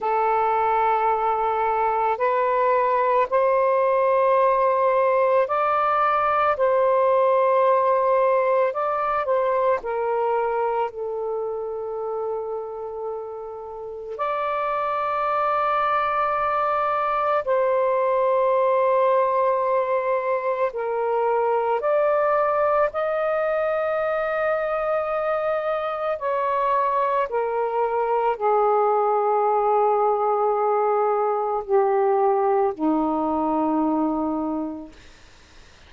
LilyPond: \new Staff \with { instrumentName = "saxophone" } { \time 4/4 \tempo 4 = 55 a'2 b'4 c''4~ | c''4 d''4 c''2 | d''8 c''8 ais'4 a'2~ | a'4 d''2. |
c''2. ais'4 | d''4 dis''2. | cis''4 ais'4 gis'2~ | gis'4 g'4 dis'2 | }